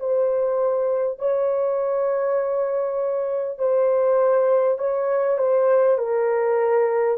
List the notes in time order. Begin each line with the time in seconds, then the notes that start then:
0.00 C5
1.19 C#5
3.59 C5
4.79 C#5
5.39 C5
5.99 A#4